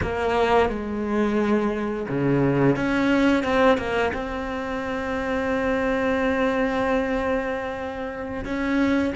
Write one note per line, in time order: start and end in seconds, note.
0.02 0.69 A#3
0.69 2.07 G#3
2.08 2.76 C#3
2.76 3.43 C#4
3.43 3.77 C4
3.77 4.12 A#3
4.13 8.44 C4
8.44 9.13 C#4